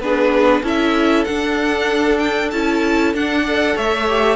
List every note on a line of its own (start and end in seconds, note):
0.00 0.62 B3
0.00 0.64 D4
0.00 0.63 G#4
0.00 0.64 B4
0.63 1.26 C#4
0.63 1.26 E4
0.63 3.43 A4
0.63 1.25 E5
1.25 2.53 D4
1.25 2.19 F#5
2.19 2.50 G5
2.51 3.15 C#4
2.51 3.15 E4
2.51 3.14 A5
3.15 3.77 D4
3.15 3.46 D4
3.15 3.78 F#5
3.43 4.08 A4
3.43 3.74 D5
3.76 4.36 A3
3.76 4.36 C#5
3.76 4.36 E5
4.08 4.36 G4